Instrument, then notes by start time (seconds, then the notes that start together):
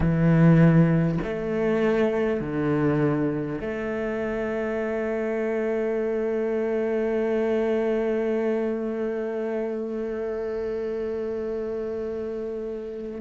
cello
0.00 E3
1.23 A3
2.40 D3
3.60 A3